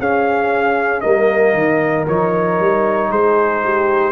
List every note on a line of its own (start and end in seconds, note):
0.00 1.03 C#4
0.00 1.03 G#4
0.00 1.01 F5
1.01 1.54 G3
1.01 2.07 A#3
1.01 3.10 A#4
1.01 2.05 D#5
1.54 2.06 D#3
2.08 2.60 F3
2.08 4.13 D#4
2.08 3.12 C#5
2.60 3.11 G3
3.11 4.13 G#3
3.11 3.63 G#4
3.11 4.13 C5
3.65 4.13 G4